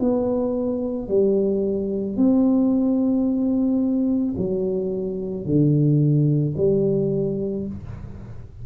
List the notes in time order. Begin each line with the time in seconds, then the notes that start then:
0.00 B3
1.08 G3
2.16 C4
4.37 F#3
5.45 D3
6.57 G3